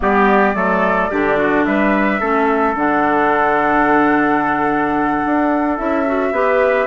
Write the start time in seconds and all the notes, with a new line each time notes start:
0.00 G3 B3 G4 D5
0.54 F#3 A3 A4
1.10 D3 D4 G4
1.37 F#4
1.64 G3 B4 E5
2.19 A3 C#4 A4
2.75 D3 D4 F#5
5.25 D4
5.77 C#4 E4 E5
6.06 F#4
6.31 B3 G4 B4